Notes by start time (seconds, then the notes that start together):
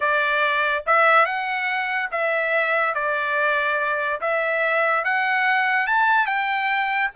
0.00 D5
0.86 E5
1.25 F#5
2.11 E5
2.94 D5
4.21 E5
5.04 F#5
5.86 A5
6.26 G5